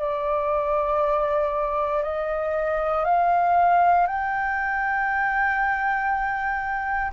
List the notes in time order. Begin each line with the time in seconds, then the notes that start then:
0.00 D5
2.03 D#5
3.05 F5
4.07 G5